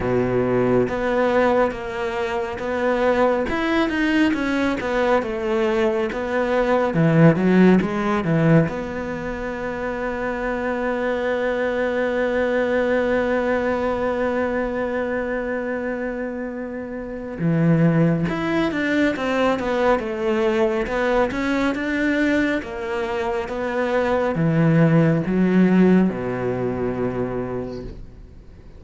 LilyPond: \new Staff \with { instrumentName = "cello" } { \time 4/4 \tempo 4 = 69 b,4 b4 ais4 b4 | e'8 dis'8 cis'8 b8 a4 b4 | e8 fis8 gis8 e8 b2~ | b1~ |
b1 | e4 e'8 d'8 c'8 b8 a4 | b8 cis'8 d'4 ais4 b4 | e4 fis4 b,2 | }